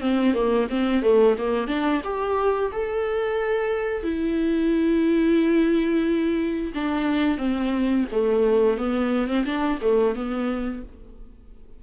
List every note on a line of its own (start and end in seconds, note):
0.00 0.34 C4
0.34 0.67 A#3
0.69 1.02 C4
1.02 1.36 A3
1.38 1.67 A#3
1.67 2.01 D4
2.03 2.71 G4
2.72 4.03 A4
4.03 6.73 E4
6.74 7.37 D4
7.37 8.05 C4
8.11 8.77 A3
8.77 9.27 B3
9.27 9.44 C4
9.45 9.78 D4
9.81 10.15 A3
10.15 10.82 B3